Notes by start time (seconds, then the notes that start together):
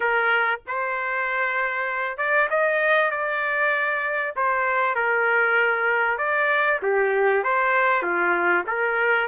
0.00 A#4
0.67 C5
2.17 D5
2.50 D#5
3.10 D5
4.36 C5
4.95 A#4
6.18 D5
6.82 G4
7.43 C5
8.02 F4
8.66 A#4